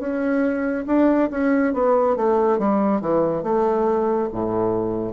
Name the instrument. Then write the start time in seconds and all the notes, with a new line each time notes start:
bassoon
0.00 C#4
0.87 D4
1.31 C#4
1.74 B3
2.17 A3
2.59 G3
3.02 E3
3.44 A3
4.33 A2